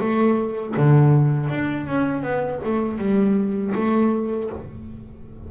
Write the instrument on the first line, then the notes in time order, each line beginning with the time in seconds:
double bass
0.00 A3
0.77 D3
1.50 D4
1.87 C#4
2.23 B3
2.65 A3
2.98 G3
3.75 A3